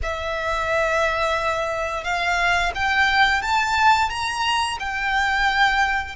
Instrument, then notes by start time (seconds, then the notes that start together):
violin
0.02 E5
2.04 F5
2.75 G5
3.42 A5
4.09 A#5
4.79 G5